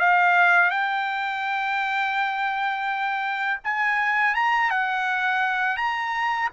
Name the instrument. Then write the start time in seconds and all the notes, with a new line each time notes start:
trumpet
0.00 F5
0.71 G5
3.65 G#5
4.35 A#5
4.71 F#5
5.77 A#5